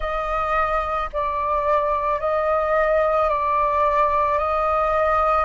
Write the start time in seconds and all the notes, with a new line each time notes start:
0.00 D#5
1.12 D5
2.20 D#5
3.29 D5
4.38 D#5